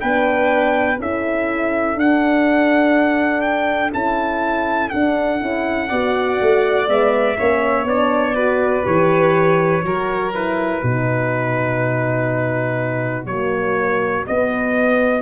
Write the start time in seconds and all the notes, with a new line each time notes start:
0.00 B3 D4 B4 G5
0.99 C#4 E4 A4 E5
1.96 D4 F#5
3.42 G5
3.93 C#4 E4 A5
4.90 D4 F#5
5.41 C#4 E4
5.89 B3 F#4 D5
6.41 A3
6.88 G#3 B3 E5
7.38 A#3 C#4 C#5
7.84 B3 D4 D5
8.35 F#4 B4
8.83 E3 G4 C#5
9.84 F#3 F#4 A#4
10.34 E4 B4
10.83 B2 D#4 F#4
13.26 F#3 A#3 C#5
14.27 B3 D#5